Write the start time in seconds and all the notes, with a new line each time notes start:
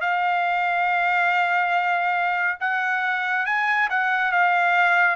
0.00 F5
2.60 F#5
3.46 G#5
3.90 F#5
4.31 F5